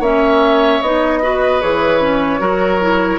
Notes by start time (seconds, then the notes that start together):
0.00 A#3 C#4 C#5 E5
0.82 B3 D#4 D#5
1.22 F#4 B4
1.61 E3 G#4 C#5
2.01 C#4
2.40 F#3 F#4 A#4
2.81 E4